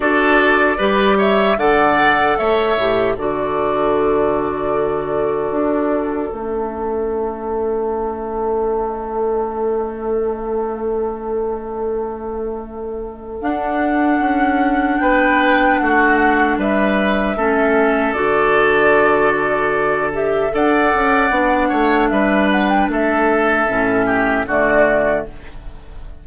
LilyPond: <<
  \new Staff \with { instrumentName = "flute" } { \time 4/4 \tempo 4 = 76 d''4. e''8 fis''4 e''4 | d''1 | e''1~ | e''1~ |
e''4 fis''2 g''4 | fis''4 e''2 d''4~ | d''4. e''8 fis''2 | e''8 fis''16 g''16 e''2 d''4 | }
  \new Staff \with { instrumentName = "oboe" } { \time 4/4 a'4 b'8 cis''8 d''4 cis''4 | a'1~ | a'1~ | a'1~ |
a'2. b'4 | fis'4 b'4 a'2~ | a'2 d''4. cis''8 | b'4 a'4. g'8 fis'4 | }
  \new Staff \with { instrumentName = "clarinet" } { \time 4/4 fis'4 g'4 a'4. g'8 | fis'1 | cis'1~ | cis'1~ |
cis'4 d'2.~ | d'2 cis'4 fis'4~ | fis'4. g'8 a'4 d'4~ | d'2 cis'4 a4 | }
  \new Staff \with { instrumentName = "bassoon" } { \time 4/4 d'4 g4 d4 a8 a,8 | d2. d'4 | a1~ | a1~ |
a4 d'4 cis'4 b4 | a4 g4 a4 d4~ | d2 d'8 cis'8 b8 a8 | g4 a4 a,4 d4 | }
>>